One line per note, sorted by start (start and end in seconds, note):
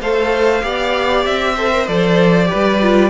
0.00 0.62 A3
0.00 0.61 A4
0.00 0.63 C5
0.00 1.25 F5
0.61 1.25 B3
0.61 1.55 G4
0.61 1.54 D5
1.25 1.88 C4
1.25 1.87 E5
1.54 1.71 A4
1.54 2.47 C5
1.71 1.86 A#4
1.86 2.50 F3
1.86 2.45 A4
1.86 3.10 D5
2.45 2.76 G4
2.45 3.10 B4
2.54 3.10 G3
2.82 3.10 F4